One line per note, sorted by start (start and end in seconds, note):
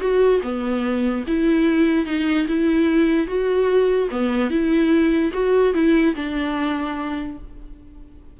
0.00 0.41 F#4
0.42 1.24 B3
1.27 2.05 E4
2.05 2.46 D#4
2.47 3.27 E4
3.27 4.08 F#4
4.10 4.50 B3
4.50 5.32 E4
5.33 5.73 F#4
5.73 6.14 E4
6.15 7.37 D4